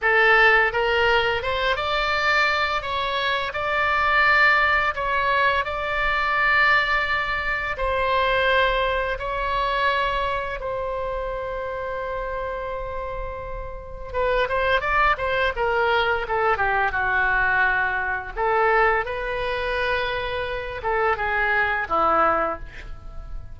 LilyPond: \new Staff \with { instrumentName = "oboe" } { \time 4/4 \tempo 4 = 85 a'4 ais'4 c''8 d''4. | cis''4 d''2 cis''4 | d''2. c''4~ | c''4 cis''2 c''4~ |
c''1 | b'8 c''8 d''8 c''8 ais'4 a'8 g'8 | fis'2 a'4 b'4~ | b'4. a'8 gis'4 e'4 | }